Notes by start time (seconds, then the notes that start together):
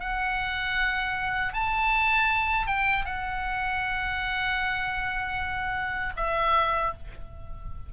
0.00 F#5
1.54 A5
2.67 G5
3.06 F#5
6.17 E5